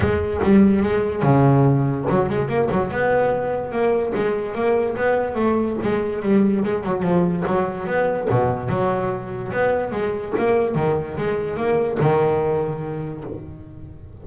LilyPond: \new Staff \with { instrumentName = "double bass" } { \time 4/4 \tempo 4 = 145 gis4 g4 gis4 cis4~ | cis4 fis8 gis8 ais8 fis8 b4~ | b4 ais4 gis4 ais4 | b4 a4 gis4 g4 |
gis8 fis8 f4 fis4 b4 | b,4 fis2 b4 | gis4 ais4 dis4 gis4 | ais4 dis2. | }